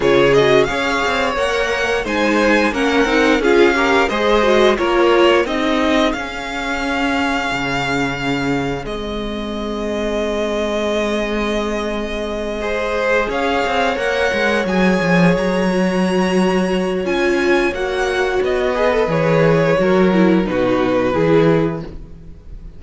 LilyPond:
<<
  \new Staff \with { instrumentName = "violin" } { \time 4/4 \tempo 4 = 88 cis''8 dis''8 f''4 fis''4 gis''4 | fis''4 f''4 dis''4 cis''4 | dis''4 f''2.~ | f''4 dis''2.~ |
dis''2.~ dis''8 f''8~ | f''8 fis''4 gis''4 ais''4.~ | ais''4 gis''4 fis''4 dis''4 | cis''2 b'2 | }
  \new Staff \with { instrumentName = "violin" } { \time 4/4 gis'4 cis''2 c''4 | ais'4 gis'8 ais'8 c''4 ais'4 | gis'1~ | gis'1~ |
gis'2~ gis'8 c''4 cis''8~ | cis''1~ | cis''2.~ cis''8 b'8~ | b'4 ais'4 fis'4 gis'4 | }
  \new Staff \with { instrumentName = "viola" } { \time 4/4 f'8 fis'8 gis'4 ais'4 dis'4 | cis'8 dis'8 f'8 g'8 gis'8 fis'8 f'4 | dis'4 cis'2.~ | cis'4 c'2.~ |
c'2~ c'8 gis'4.~ | gis'8 ais'4 gis'4. fis'4~ | fis'4 f'4 fis'4. gis'16 a'16 | gis'4 fis'8 e'8 dis'4 e'4 | }
  \new Staff \with { instrumentName = "cello" } { \time 4/4 cis4 cis'8 c'8 ais4 gis4 | ais8 c'8 cis'4 gis4 ais4 | c'4 cis'2 cis4~ | cis4 gis2.~ |
gis2.~ gis8 cis'8 | c'8 ais8 gis8 fis8 f8 fis4.~ | fis4 cis'4 ais4 b4 | e4 fis4 b,4 e4 | }
>>